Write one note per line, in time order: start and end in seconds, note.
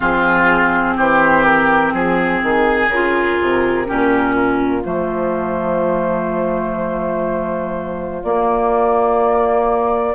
0.00 0.98 F3
0.00 2.89 C4
0.00 0.94 F4
0.00 0.97 G#4
0.97 1.93 E3
0.97 1.93 G4
0.97 1.44 C5
1.44 1.92 A#4
1.92 2.41 F3
1.92 2.88 G#4
1.92 3.87 G#4
2.43 2.87 D#3
2.87 3.36 C#3
2.87 3.85 F4
2.87 4.82 A#4
3.41 3.89 C3
3.85 4.85 A#2
3.85 4.82 C#4
3.85 4.34 G4
4.34 10.15 F4
4.84 8.24 F3
4.84 8.22 A3
4.84 8.23 C5
8.23 10.15 A#3
8.23 10.15 D5